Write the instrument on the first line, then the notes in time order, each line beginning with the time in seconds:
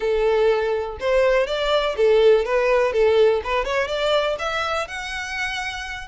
violin
0.00 A4
1.00 C5
1.47 D5
1.96 A4
2.45 B4
2.92 A4
3.44 B4
3.64 C#5
3.87 D5
4.38 E5
4.87 F#5